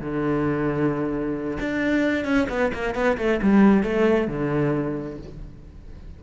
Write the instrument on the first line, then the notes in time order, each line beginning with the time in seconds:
cello
0.00 D3
1.60 D4
2.24 C#4
2.49 B3
2.74 A#3
2.95 B3
3.17 A3
3.42 G3
3.83 A3
4.28 D3